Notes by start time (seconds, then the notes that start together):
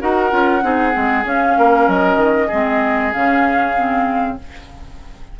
0.00 D#4 F#4 A#4 F#5
0.30 C#4 F4
0.62 C4 D#4 G#4
0.92 G#3 C4
1.24 C#4 F5
1.58 A#3 A#4
1.88 F#3 D#5
2.16 D#3
2.47 G#3 C4 G#4
3.12 C#3 C#4 F5
3.76 C4